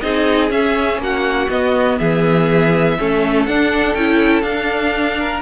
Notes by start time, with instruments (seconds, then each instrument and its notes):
0.00 cello C4, viola D#4, violin G#4 D#5
0.49 viola C#4, cello C#4, violin E5
0.97 cello A#3, violin F#4 F#5
1.49 cello B3, viola B3, violin D#5
1.98 cello E3, violin G#4 E5
2.98 cello A3, viola C#4, violin A4
3.45 cello D4, viola D4, violin F#5
3.94 cello C#4, viola E4, violin G5
4.41 cello D4, viola D4, violin F5
5.18 violin A#4